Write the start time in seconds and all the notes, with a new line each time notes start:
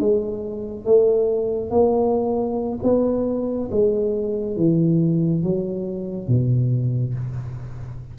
0.00 G#3
0.86 A3
1.71 A#3
2.83 B3
3.72 G#3
4.57 E3
5.43 F#3
6.28 B2